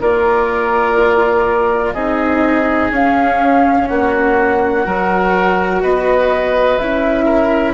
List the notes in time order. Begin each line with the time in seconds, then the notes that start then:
0.00 A#3 F4 A#4 D5
1.93 C4 D#4 G#4 D#5
2.91 C#4 F5
3.87 A#3 F#4 F#5
4.84 F#3 F#4 A#4
5.81 B3 B4 D#5
6.78 C#4 E4 E5
7.25 A#4